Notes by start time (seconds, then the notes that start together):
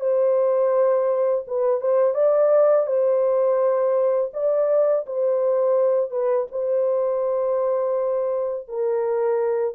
0.00 C5
1.47 B4
1.80 C5
2.14 D5
2.87 C5
4.33 D5
5.06 C5
6.11 B4
6.51 C5
8.68 A#4